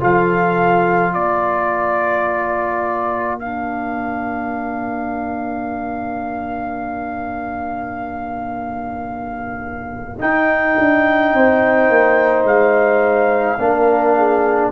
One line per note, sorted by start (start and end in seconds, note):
0.00 1.15 F3
0.00 3.40 F4
0.00 1.14 A4
0.00 1.13 F5
1.13 10.20 A#3
1.13 11.33 A#4
1.13 3.39 D5
3.39 10.19 D4
3.39 10.18 F5
10.19 13.58 D#4
10.19 10.77 D#4
10.19 12.46 G5
10.78 11.33 D4
11.33 11.89 C4
11.33 13.61 C5
11.89 12.44 A#3
12.44 13.57 G#3
12.44 14.71 F5
13.58 14.71 A#3
13.58 14.71 D4
13.58 14.17 A#4
14.17 14.71 G#4